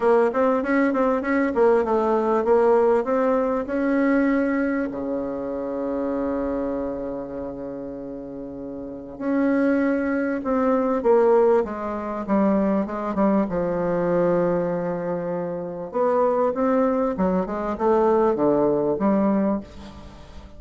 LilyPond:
\new Staff \with { instrumentName = "bassoon" } { \time 4/4 \tempo 4 = 98 ais8 c'8 cis'8 c'8 cis'8 ais8 a4 | ais4 c'4 cis'2 | cis1~ | cis2. cis'4~ |
cis'4 c'4 ais4 gis4 | g4 gis8 g8 f2~ | f2 b4 c'4 | fis8 gis8 a4 d4 g4 | }